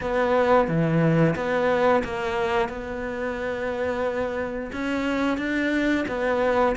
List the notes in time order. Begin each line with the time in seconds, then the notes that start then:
0.00 B3
0.67 E3
1.35 B3
2.03 A#3
2.68 B3
4.72 C#4
5.37 D4
6.08 B3